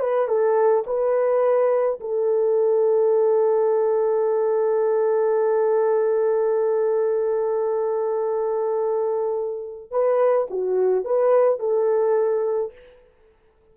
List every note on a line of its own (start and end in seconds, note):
0.00 0.28 B4
0.28 0.85 A4
0.87 2.00 B4
2.00 9.91 A4
9.91 10.48 B4
10.51 11.05 F#4
11.05 11.60 B4
11.60 12.73 A4